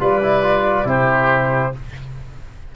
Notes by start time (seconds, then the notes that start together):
0.00 G3 F4 B4 D5
0.23 E4
0.43 F4
0.85 C3 E4 G4 C5